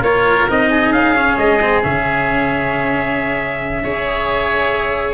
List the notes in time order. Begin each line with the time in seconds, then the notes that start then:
0.00 A#3 F4 A#4 C#5
0.49 C4 D#4 D#5
0.70 G#4
0.92 C#4 F5
1.15 C#4
1.37 G#3 D#5
1.61 C4
1.83 C#3 C#4 E5
3.83 C#4 G#4 C#5